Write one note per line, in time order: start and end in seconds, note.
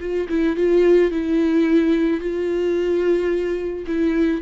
0.00 0.28 F4
0.29 0.56 E4
0.56 1.11 F4
1.12 2.21 E4
2.21 3.86 F4
3.87 4.42 E4